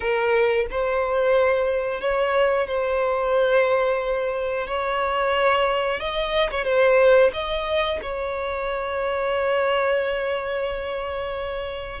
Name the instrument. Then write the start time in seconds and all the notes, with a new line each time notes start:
violin
0.00 A#4
0.70 C5
2.01 C#5
2.67 C5
4.67 C#5
5.99 D#5
6.50 C#5
6.64 C5
7.33 D#5
8.02 C#5